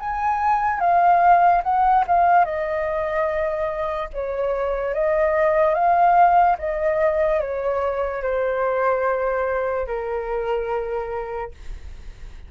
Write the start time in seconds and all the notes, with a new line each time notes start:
0.00 G#5
0.80 F5
1.63 F#5
2.08 F5
2.45 D#5
4.13 C#5
4.94 D#5
5.75 F5
6.58 D#5
7.40 C#5
8.23 C5
9.87 A#4